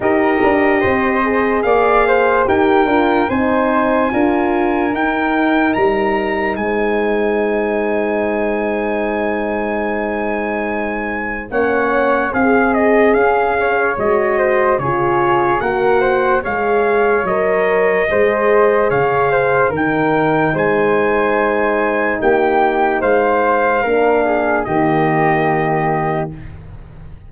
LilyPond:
<<
  \new Staff \with { instrumentName = "trumpet" } { \time 4/4 \tempo 4 = 73 dis''2 f''4 g''4 | gis''2 g''4 ais''4 | gis''1~ | gis''2 fis''4 f''8 dis''8 |
f''4 dis''4 cis''4 fis''4 | f''4 dis''2 f''4 | g''4 gis''2 g''4 | f''2 dis''2 | }
  \new Staff \with { instrumentName = "flute" } { \time 4/4 ais'4 c''4 d''8 c''8 ais'4 | c''4 ais'2. | c''1~ | c''2 cis''4 gis'4~ |
gis'8 cis''4 c''8 gis'4 ais'8 c''8 | cis''2 c''4 cis''8 c''8 | ais'4 c''2 g'4 | c''4 ais'8 gis'8 g'2 | }
  \new Staff \with { instrumentName = "horn" } { \time 4/4 g'4. gis'4. g'8 f'8 | dis'4 f'4 dis'2~ | dis'1~ | dis'2 cis'4 gis'4~ |
gis'4 fis'4 f'4 fis'4 | gis'4 ais'4 gis'2 | dis'1~ | dis'4 d'4 ais2 | }
  \new Staff \with { instrumentName = "tuba" } { \time 4/4 dis'8 d'8 c'4 ais4 dis'8 d'8 | c'4 d'4 dis'4 g4 | gis1~ | gis2 ais4 c'4 |
cis'4 gis4 cis4 ais4 | gis4 fis4 gis4 cis4 | dis4 gis2 ais4 | gis4 ais4 dis2 | }
>>